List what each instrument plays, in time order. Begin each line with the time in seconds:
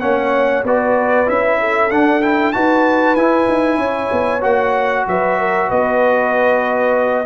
0.00 tuba A#3, trombone C#4, horn C#5, trumpet F#5
0.63 tuba B3, trombone F#4, horn B4, trumpet D5
1.26 tuba C#4, trombone E4, trumpet E5
1.59 horn A4
1.90 tuba D4, trombone D4, trumpet F#5
2.21 trombone E4, trumpet G5
2.52 tuba D#4, trombone F#4, horn B4, trumpet A5
3.15 tuba E4, trombone E4, trumpet G#5
3.48 tuba D#4
3.77 tuba C#4, horn C#5
4.11 tuba B3
4.41 tuba A#3, trombone F#4, trumpet F#5
5.07 tuba F#3, horn B4, trumpet E5
5.39 horn A#4
5.67 tuba B3, horn B4, trumpet D#5